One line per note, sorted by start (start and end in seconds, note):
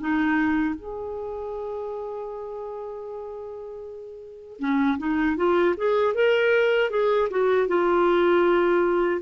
0.00 0.75 D#4
0.75 4.59 G#4
4.59 4.98 C#4
4.98 5.36 D#4
5.36 5.75 F4
5.77 6.14 G#4
6.14 6.90 A#4
6.90 7.28 G#4
7.30 7.67 F#4
7.67 9.21 F4